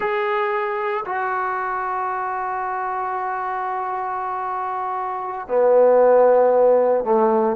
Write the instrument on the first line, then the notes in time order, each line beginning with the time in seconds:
trombone
0.00 G#4
1.05 F#4
5.48 B3
7.04 A3